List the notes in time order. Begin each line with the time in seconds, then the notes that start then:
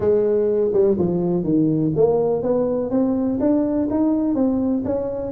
0.00 G#3
0.73 G3
0.98 F3
1.43 D#3
1.96 A#3
2.42 B3
2.90 C4
3.39 D4
3.90 D#4
4.34 C4
4.84 C#4